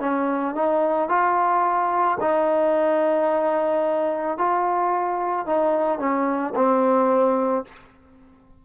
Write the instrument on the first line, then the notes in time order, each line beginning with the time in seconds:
trombone
0.00 C#4
0.55 D#4
1.09 F4
2.20 D#4
4.37 F4
5.46 D#4
5.99 C#4
6.55 C4